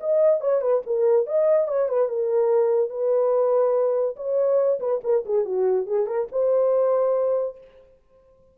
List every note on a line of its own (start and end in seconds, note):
0.00 0.40 D#5
0.40 0.61 C#5
0.61 0.82 B4
0.86 1.27 A#4
1.27 1.68 D#5
1.68 1.88 C#5
1.88 2.08 B4
2.08 2.90 A#4
2.90 4.16 B4
4.16 4.79 C#5
4.80 5.01 B4
5.04 5.25 A#4
5.25 5.45 G#4
5.45 5.86 F#4
5.86 6.07 G#4
6.07 6.28 A#4
6.32 7.58 C5